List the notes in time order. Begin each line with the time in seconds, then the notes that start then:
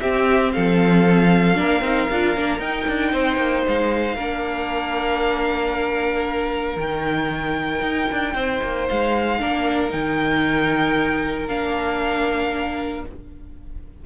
0.00 C4 G4 E5
0.52 F3 A4 F5
1.55 A#3 D4 A#4
1.80 C4 D#4
2.10 D4 F4
2.36 A#3 D4
2.59 D#4 G5
2.87 D4
3.12 C4 C5
3.36 A#3
3.68 G#3 F5
4.15 A#3 D4 A#4
6.76 D#3 D#4 G5
7.81 D#4
8.12 D4
8.34 C4 C5
8.62 A#3
8.89 G#3 F5
9.40 A#3 D4 A#4
9.89 D#3 D#4 G5
11.48 A#3 D4 F5